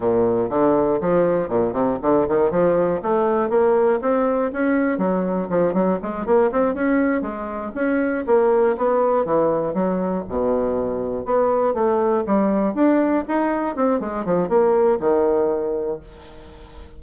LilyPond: \new Staff \with { instrumentName = "bassoon" } { \time 4/4 \tempo 4 = 120 ais,4 d4 f4 ais,8 c8 | d8 dis8 f4 a4 ais4 | c'4 cis'4 fis4 f8 fis8 | gis8 ais8 c'8 cis'4 gis4 cis'8~ |
cis'8 ais4 b4 e4 fis8~ | fis8 b,2 b4 a8~ | a8 g4 d'4 dis'4 c'8 | gis8 f8 ais4 dis2 | }